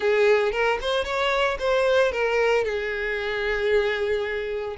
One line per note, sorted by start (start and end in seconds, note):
0.00 0.51 G#4
0.51 0.78 A#4
0.81 1.04 C5
1.04 1.57 C#5
1.59 2.11 C5
2.11 2.64 A#4
2.64 4.76 G#4